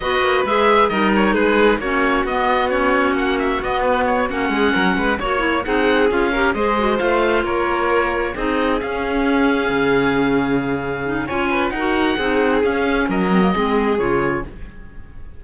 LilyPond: <<
  \new Staff \with { instrumentName = "oboe" } { \time 4/4 \tempo 4 = 133 dis''4 e''4 dis''8 cis''8 b'4 | cis''4 dis''4 cis''4 fis''8 e''8 | dis''8 b'8 cis''8 fis''2 cis''8~ | cis''8 fis''4 f''4 dis''4 f''8~ |
f''8 cis''2 dis''4 f''8~ | f''1~ | f''4 gis''4 fis''2 | f''4 dis''2 cis''4 | }
  \new Staff \with { instrumentName = "violin" } { \time 4/4 b'2 ais'4 gis'4 | fis'1~ | fis'2 gis'8 ais'8 b'8 cis''8~ | cis''8 gis'4. ais'8 c''4.~ |
c''8 ais'2 gis'4.~ | gis'1~ | gis'4 cis''8 b'8 ais'4 gis'4~ | gis'4 ais'4 gis'2 | }
  \new Staff \with { instrumentName = "clarinet" } { \time 4/4 fis'4 gis'4 dis'2 | cis'4 b4 cis'2 | b4. cis'2 fis'8 | e'8 dis'4 f'8 g'8 gis'8 fis'8 f'8~ |
f'2~ f'8 dis'4 cis'8~ | cis'1~ | cis'8 dis'8 f'4 fis'4 dis'4 | cis'4. c'16 ais16 c'4 f'4 | }
  \new Staff \with { instrumentName = "cello" } { \time 4/4 b8 ais8 gis4 g4 gis4 | ais4 b2 ais4 | b4. ais8 gis8 fis8 gis8 ais8~ | ais8 c'4 cis'4 gis4 a8~ |
a8 ais2 c'4 cis'8~ | cis'4. cis2~ cis8~ | cis4 cis'4 dis'4 c'4 | cis'4 fis4 gis4 cis4 | }
>>